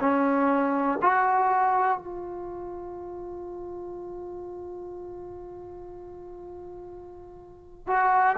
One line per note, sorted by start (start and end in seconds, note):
0.00 0.98 C#4
1.01 1.98 F#4
1.98 7.87 F4
7.87 8.36 F#4